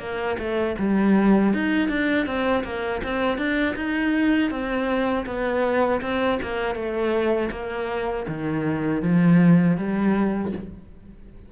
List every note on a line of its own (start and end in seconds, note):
0.00 0.38 A#3
0.39 0.76 A3
0.79 1.54 G3
1.54 1.89 D#4
1.89 2.26 D4
2.26 2.64 C4
2.64 3.02 A#3
3.04 3.38 C4
3.38 3.75 D4
3.76 4.51 D#4
4.51 5.26 C4
5.26 6.01 B3
6.02 6.39 C4
6.43 6.75 A#3
6.75 7.50 A3
7.51 8.26 A#3
8.28 9.02 D#3
9.02 9.77 F3
9.77 10.52 G3